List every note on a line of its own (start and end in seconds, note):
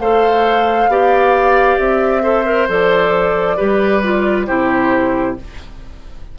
0.00 0.88 A3
0.00 0.91 A4
0.00 0.90 C5
0.00 1.79 F5
0.88 1.78 B3
0.88 2.23 G4
0.88 2.23 D5
1.79 2.69 C4
1.79 2.69 E5
2.23 2.45 A4
2.23 3.57 C5
2.46 2.68 A#4
2.69 3.59 F3
2.69 3.57 A4
2.69 4.47 D5
3.57 4.49 G3
3.57 4.02 G4
3.57 4.46 B4
4.03 4.47 F4
4.47 5.39 C3
4.47 5.37 E4
4.47 5.37 G4
4.47 5.36 C5